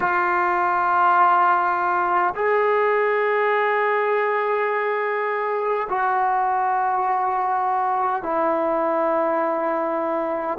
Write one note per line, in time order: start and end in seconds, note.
0.00 2.34 F4
2.35 5.88 G#4
5.89 8.22 F#4
8.22 10.58 E4